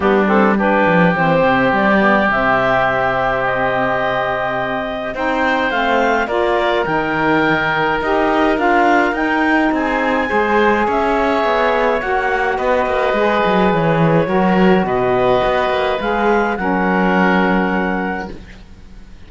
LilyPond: <<
  \new Staff \with { instrumentName = "clarinet" } { \time 4/4 \tempo 4 = 105 g'8 a'8 b'4 c''4 d''4 | e''2 dis''2~ | dis''4 g''4 f''4 d''4 | g''2 dis''4 f''4 |
g''4 gis''2 e''4~ | e''4 fis''4 dis''2 | cis''2 dis''2 | f''4 fis''2. | }
  \new Staff \with { instrumentName = "oboe" } { \time 4/4 d'4 g'2.~ | g'1~ | g'4 c''2 ais'4~ | ais'1~ |
ais'4 gis'4 c''4 cis''4~ | cis''2 b'2~ | b'4 ais'4 b'2~ | b'4 ais'2. | }
  \new Staff \with { instrumentName = "saxophone" } { \time 4/4 b8 c'8 d'4 c'4. b8 | c'1~ | c'4 dis'4 c'4 f'4 | dis'2 g'4 f'4 |
dis'2 gis'2~ | gis'4 fis'2 gis'4~ | gis'4 fis'2. | gis'4 cis'2. | }
  \new Staff \with { instrumentName = "cello" } { \time 4/4 g4. f8 e8 c8 g4 | c1~ | c4 c'4 a4 ais4 | dis2 dis'4 d'4 |
dis'4 c'4 gis4 cis'4 | b4 ais4 b8 ais8 gis8 fis8 | e4 fis4 b,4 b8 ais8 | gis4 fis2. | }
>>